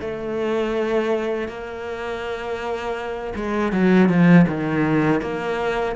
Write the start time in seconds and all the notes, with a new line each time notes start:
0.00 A3
1.48 A#3
3.35 G#3
3.72 F#3
4.08 F3
4.47 D#3
5.21 A#3